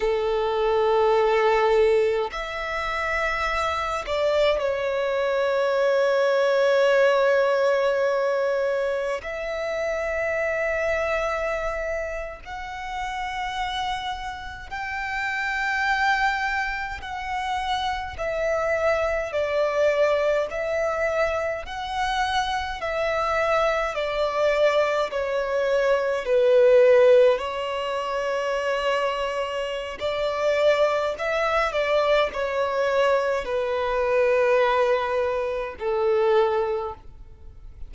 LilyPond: \new Staff \with { instrumentName = "violin" } { \time 4/4 \tempo 4 = 52 a'2 e''4. d''8 | cis''1 | e''2~ e''8. fis''4~ fis''16~ | fis''8. g''2 fis''4 e''16~ |
e''8. d''4 e''4 fis''4 e''16~ | e''8. d''4 cis''4 b'4 cis''16~ | cis''2 d''4 e''8 d''8 | cis''4 b'2 a'4 | }